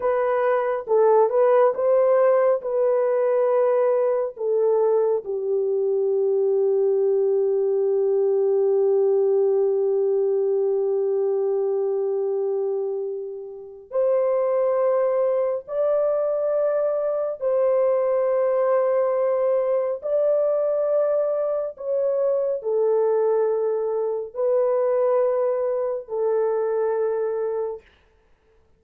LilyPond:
\new Staff \with { instrumentName = "horn" } { \time 4/4 \tempo 4 = 69 b'4 a'8 b'8 c''4 b'4~ | b'4 a'4 g'2~ | g'1~ | g'1 |
c''2 d''2 | c''2. d''4~ | d''4 cis''4 a'2 | b'2 a'2 | }